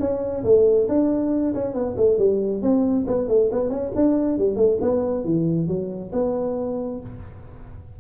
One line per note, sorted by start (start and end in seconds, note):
0.00 0.44 C#4
0.44 0.88 A3
0.88 1.54 D4
1.54 1.74 C#4
1.74 1.96 B3
1.97 2.18 A3
2.18 2.62 G3
2.62 3.06 C4
3.07 3.28 B3
3.28 3.50 A3
3.52 3.69 B3
3.69 3.91 C#4
3.95 4.38 D4
4.38 4.56 G3
4.56 4.78 A3
4.81 5.25 B3
5.25 5.68 E3
5.68 6.12 F#3
6.12 7.00 B3